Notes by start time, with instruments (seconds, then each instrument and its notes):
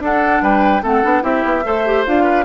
0.00 bassoon D4, clarinet D4, oboe A4, flute F#5
0.42 bassoon G3, oboe B4, flute G5
0.83 bassoon A3, clarinet C4, oboe A4, flute F#5
1.03 bassoon B3, clarinet D4
1.22 bassoon C4, clarinet E4, oboe G4, flute E5
1.45 bassoon B3
1.64 bassoon A3, clarinet A4, oboe C5
1.86 clarinet G4
2.06 bassoon D4, clarinet F4, flute F5
2.24 oboe B4